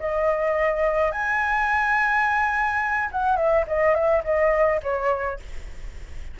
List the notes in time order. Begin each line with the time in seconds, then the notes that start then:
0.00 D#5
1.11 G#5
3.12 F#5
3.37 E5
3.67 D#5
3.94 E5
4.24 D#5
4.83 C#5